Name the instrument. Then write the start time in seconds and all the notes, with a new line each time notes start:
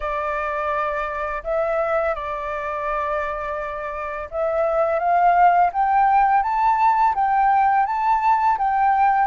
flute
0.00 D5
1.43 E5
2.15 D5
4.30 E5
4.99 F5
5.72 G5
6.43 A5
7.14 G5
7.86 A5
8.57 G5